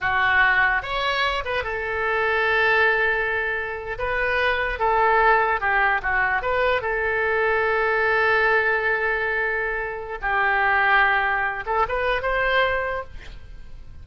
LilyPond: \new Staff \with { instrumentName = "oboe" } { \time 4/4 \tempo 4 = 147 fis'2 cis''4. b'8 | a'1~ | a'4.~ a'16 b'2 a'16~ | a'4.~ a'16 g'4 fis'4 b'16~ |
b'8. a'2.~ a'16~ | a'1~ | a'4 g'2.~ | g'8 a'8 b'4 c''2 | }